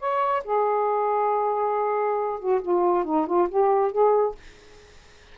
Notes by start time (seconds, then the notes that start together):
0.00 C#5
0.45 G#4
2.40 F#4
2.62 F4
3.05 D#4
3.27 F4
3.49 G4
3.92 G#4